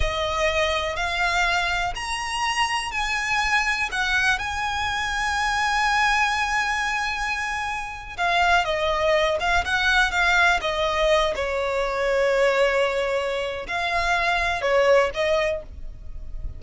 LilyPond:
\new Staff \with { instrumentName = "violin" } { \time 4/4 \tempo 4 = 123 dis''2 f''2 | ais''2 gis''2 | fis''4 gis''2.~ | gis''1~ |
gis''8. f''4 dis''4. f''8 fis''16~ | fis''8. f''4 dis''4. cis''8.~ | cis''1 | f''2 cis''4 dis''4 | }